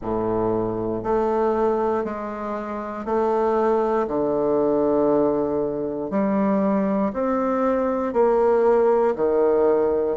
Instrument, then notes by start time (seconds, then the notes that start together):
bassoon
0.01 A2
1.03 A3
2.04 G#3
3.05 A3
4.07 D3
6.10 G3
7.13 C4
8.13 A#3
9.15 D#3